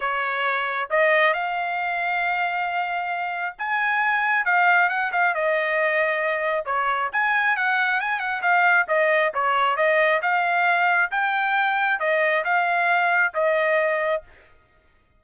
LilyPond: \new Staff \with { instrumentName = "trumpet" } { \time 4/4 \tempo 4 = 135 cis''2 dis''4 f''4~ | f''1 | gis''2 f''4 fis''8 f''8 | dis''2. cis''4 |
gis''4 fis''4 gis''8 fis''8 f''4 | dis''4 cis''4 dis''4 f''4~ | f''4 g''2 dis''4 | f''2 dis''2 | }